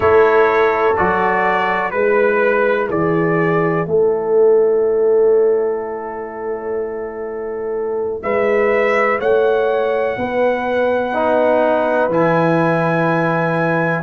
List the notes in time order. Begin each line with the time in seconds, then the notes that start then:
0.00 A3 E4 A4 C#5
0.96 F#3 F#4 D5
1.91 G#3 E4 B4
2.89 E3 G#4 D5
3.86 A3 A4 C#5
8.22 G#3 B4 E5
9.20 A3 C#5 F#5
10.17 B3 B4
11.13 D#4
12.08 E3 E4 G#5